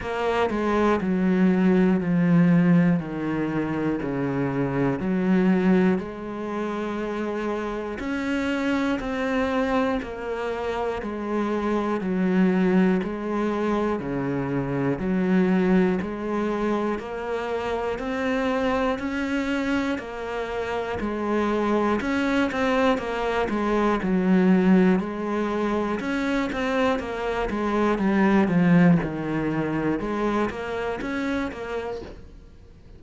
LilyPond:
\new Staff \with { instrumentName = "cello" } { \time 4/4 \tempo 4 = 60 ais8 gis8 fis4 f4 dis4 | cis4 fis4 gis2 | cis'4 c'4 ais4 gis4 | fis4 gis4 cis4 fis4 |
gis4 ais4 c'4 cis'4 | ais4 gis4 cis'8 c'8 ais8 gis8 | fis4 gis4 cis'8 c'8 ais8 gis8 | g8 f8 dis4 gis8 ais8 cis'8 ais8 | }